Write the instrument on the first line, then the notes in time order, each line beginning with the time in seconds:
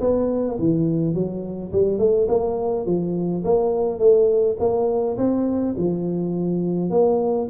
tuba
0.00 B3
0.59 E3
1.14 F#3
1.72 G3
1.99 A3
2.28 A#3
2.86 F3
3.44 A#3
3.99 A3
4.59 A#3
5.17 C4
5.77 F3
6.90 A#3